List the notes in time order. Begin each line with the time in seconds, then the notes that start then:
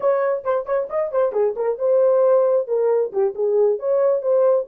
0.00 C#5
0.44 C5
0.65 C#5
0.89 D#5
1.11 C5
1.32 G#4
1.56 A#4
1.78 C5
2.67 A#4
3.12 G4
3.34 G#4
3.79 C#5
4.22 C5